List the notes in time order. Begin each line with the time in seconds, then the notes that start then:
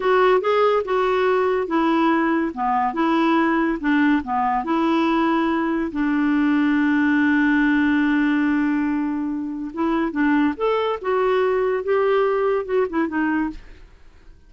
0.00 F#4
0.40 G#4
0.85 F#4
1.67 E4
2.54 B3
2.93 E4
3.80 D4
4.23 B3
4.64 E4
5.91 D4
9.73 E4
10.11 D4
10.56 A4
11.01 F#4
11.83 G4
12.65 F#4
12.89 E4
13.08 D#4